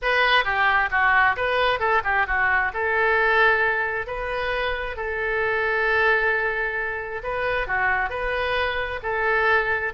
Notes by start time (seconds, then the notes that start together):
0.02 B4
0.44 G4
0.90 F#4
1.36 B4
1.79 A4
2.04 G4
2.26 F#4
2.73 A4
4.06 B4
4.96 A4
7.23 B4
7.67 F#4
8.09 B4
9.02 A4